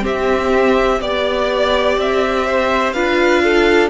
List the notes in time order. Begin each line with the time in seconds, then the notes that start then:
0.00 C4 G4
0.07 E5
1.01 B3 G4 D5
1.97 C4 E5
2.46 C5
2.93 D4 F4 B4 F5
3.43 A4